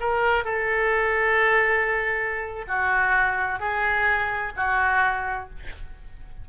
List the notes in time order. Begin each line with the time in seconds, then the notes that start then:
0.00 A#4
0.44 A4
2.68 F#4
3.59 G#4
4.56 F#4